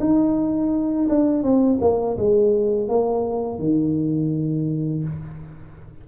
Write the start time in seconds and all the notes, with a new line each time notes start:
0.00 D#4
1.09 D4
1.43 C4
1.81 A#3
2.17 G#3
2.89 A#3
3.59 D#3